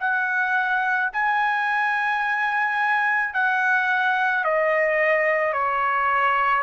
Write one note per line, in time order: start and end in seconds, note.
0.00 1.11 F#5
1.13 3.34 G#5
3.34 4.44 F#5
4.44 5.53 D#5
5.53 6.63 C#5